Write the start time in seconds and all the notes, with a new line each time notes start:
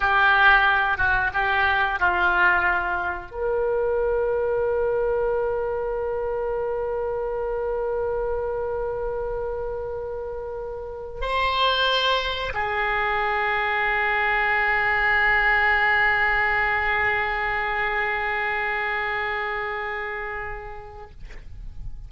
0.00 G4
0.97 F#4
1.33 G4
1.99 F4
3.31 A#4
11.21 C5
12.53 G#4